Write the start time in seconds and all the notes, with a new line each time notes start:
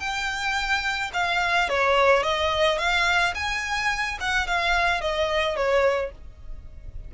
0.00 G5
1.14 F5
1.69 C#5
2.23 D#5
2.79 F5
3.35 G#5
4.20 F#5
4.47 F5
5.01 D#5
5.56 C#5